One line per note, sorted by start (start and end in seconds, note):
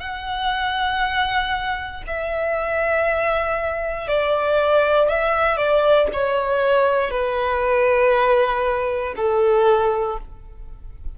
0.00 2.03 F#5
2.07 4.08 E5
4.08 5.09 D5
5.09 5.57 E5
5.57 6.08 D5
6.13 7.11 C#5
7.11 9.14 B4
9.17 10.18 A4